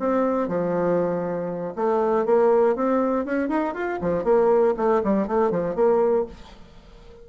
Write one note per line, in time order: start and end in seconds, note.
0.00 0.48 C4
0.48 1.74 F3
1.76 2.26 A3
2.26 2.76 A#3
2.76 3.25 C4
3.25 3.49 C#4
3.49 3.74 D#4
3.74 3.99 F4
4.02 4.24 F3
4.24 4.75 A#3
4.77 5.02 A3
5.04 5.28 G3
5.28 5.51 A3
5.51 5.76 F3
5.76 6.26 A#3